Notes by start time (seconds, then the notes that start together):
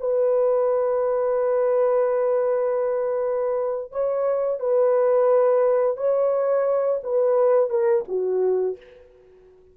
0.00 B4
3.92 C#5
4.60 B4
5.97 C#5
7.03 B4
7.70 A#4
8.08 F#4